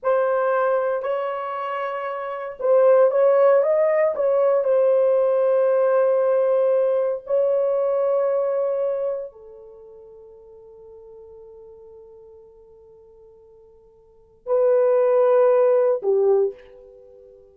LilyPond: \new Staff \with { instrumentName = "horn" } { \time 4/4 \tempo 4 = 116 c''2 cis''2~ | cis''4 c''4 cis''4 dis''4 | cis''4 c''2.~ | c''2 cis''2~ |
cis''2 a'2~ | a'1~ | a'1 | b'2. g'4 | }